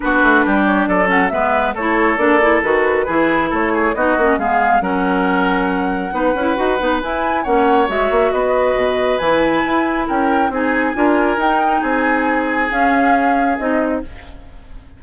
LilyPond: <<
  \new Staff \with { instrumentName = "flute" } { \time 4/4 \tempo 4 = 137 b'4. cis''8 d''8 fis''8 e''4 | cis''4 d''4 b'2 | cis''4 dis''4 f''4 fis''4~ | fis''1 |
gis''4 fis''4 e''4 dis''4~ | dis''4 gis''2 g''4 | gis''2 g''4 gis''4~ | gis''4 f''2 dis''4 | }
  \new Staff \with { instrumentName = "oboe" } { \time 4/4 fis'4 g'4 a'4 b'4 | a'2. gis'4 | a'8 gis'8 fis'4 gis'4 ais'4~ | ais'2 b'2~ |
b'4 cis''2 b'4~ | b'2. ais'4 | gis'4 ais'2 gis'4~ | gis'1 | }
  \new Staff \with { instrumentName = "clarinet" } { \time 4/4 d'2~ d'8 cis'8 b4 | e'4 d'8 e'8 fis'4 e'4~ | e'4 dis'8 cis'8 b4 cis'4~ | cis'2 dis'8 e'8 fis'8 dis'8 |
e'4 cis'4 fis'2~ | fis'4 e'2. | dis'4 f'4 dis'2~ | dis'4 cis'2 dis'4 | }
  \new Staff \with { instrumentName = "bassoon" } { \time 4/4 b8 a8 g4 fis4 gis4 | a4 ais4 dis4 e4 | a4 b8 ais8 gis4 fis4~ | fis2 b8 cis'8 dis'8 b8 |
e'4 ais4 gis8 ais8 b4 | b,4 e4 e'4 cis'4 | c'4 d'4 dis'4 c'4~ | c'4 cis'2 c'4 | }
>>